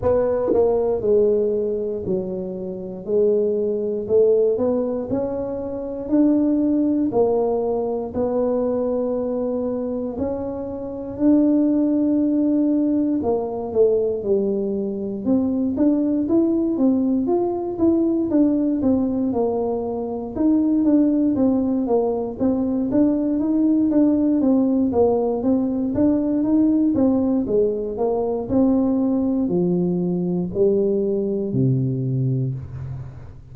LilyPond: \new Staff \with { instrumentName = "tuba" } { \time 4/4 \tempo 4 = 59 b8 ais8 gis4 fis4 gis4 | a8 b8 cis'4 d'4 ais4 | b2 cis'4 d'4~ | d'4 ais8 a8 g4 c'8 d'8 |
e'8 c'8 f'8 e'8 d'8 c'8 ais4 | dis'8 d'8 c'8 ais8 c'8 d'8 dis'8 d'8 | c'8 ais8 c'8 d'8 dis'8 c'8 gis8 ais8 | c'4 f4 g4 c4 | }